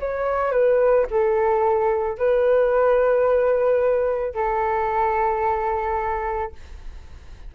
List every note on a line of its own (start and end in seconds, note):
0.00 0.52 C#5
0.52 1.06 B4
1.11 2.18 A4
2.18 4.34 B4
4.34 6.53 A4